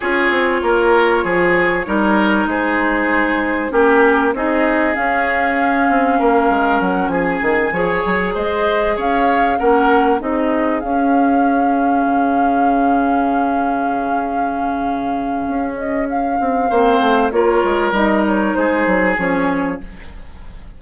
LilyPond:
<<
  \new Staff \with { instrumentName = "flute" } { \time 4/4 \tempo 4 = 97 cis''1 | c''2 ais'4 dis''4 | f''2. fis''8 gis''8~ | gis''4. dis''4 f''4 fis''8~ |
fis''8 dis''4 f''2~ f''8~ | f''1~ | f''4. dis''8 f''2 | cis''4 dis''8 cis''8 c''4 cis''4 | }
  \new Staff \with { instrumentName = "oboe" } { \time 4/4 gis'4 ais'4 gis'4 ais'4 | gis'2 g'4 gis'4~ | gis'2 ais'4. gis'8~ | gis'8 cis''4 c''4 cis''4 ais'8~ |
ais'8 gis'2.~ gis'8~ | gis'1~ | gis'2. c''4 | ais'2 gis'2 | }
  \new Staff \with { instrumentName = "clarinet" } { \time 4/4 f'2. dis'4~ | dis'2 cis'4 dis'4 | cis'1~ | cis'8 gis'2. cis'8~ |
cis'8 dis'4 cis'2~ cis'8~ | cis'1~ | cis'2. c'4 | f'4 dis'2 cis'4 | }
  \new Staff \with { instrumentName = "bassoon" } { \time 4/4 cis'8 c'8 ais4 f4 g4 | gis2 ais4 c'4 | cis'4. c'8 ais8 gis8 fis8 f8 | dis8 f8 fis8 gis4 cis'4 ais8~ |
ais8 c'4 cis'2 cis8~ | cis1~ | cis4 cis'4. c'8 ais8 a8 | ais8 gis8 g4 gis8 fis8 f4 | }
>>